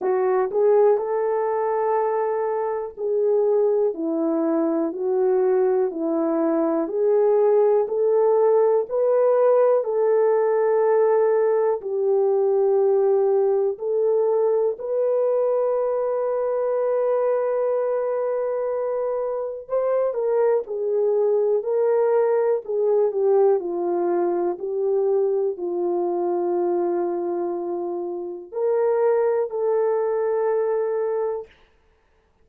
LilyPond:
\new Staff \with { instrumentName = "horn" } { \time 4/4 \tempo 4 = 61 fis'8 gis'8 a'2 gis'4 | e'4 fis'4 e'4 gis'4 | a'4 b'4 a'2 | g'2 a'4 b'4~ |
b'1 | c''8 ais'8 gis'4 ais'4 gis'8 g'8 | f'4 g'4 f'2~ | f'4 ais'4 a'2 | }